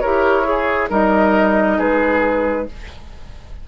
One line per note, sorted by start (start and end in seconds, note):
0.00 0.91 E4
0.00 0.44 G4
0.00 0.46 A#4
0.00 0.88 C#5
0.44 0.88 G#4
0.51 0.90 G#4
0.90 1.79 G3
0.90 2.67 D#4
0.90 1.78 A#4
0.90 1.80 D#5
1.78 2.68 G#3
1.78 2.67 G#4
1.78 2.68 B4